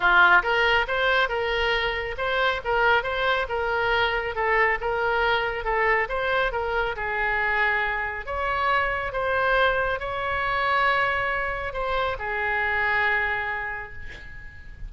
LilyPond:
\new Staff \with { instrumentName = "oboe" } { \time 4/4 \tempo 4 = 138 f'4 ais'4 c''4 ais'4~ | ais'4 c''4 ais'4 c''4 | ais'2 a'4 ais'4~ | ais'4 a'4 c''4 ais'4 |
gis'2. cis''4~ | cis''4 c''2 cis''4~ | cis''2. c''4 | gis'1 | }